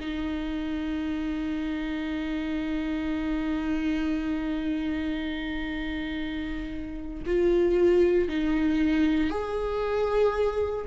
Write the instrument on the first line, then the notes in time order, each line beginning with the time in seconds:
viola
0.00 D#4
7.26 F4
8.29 D#4
9.30 G#4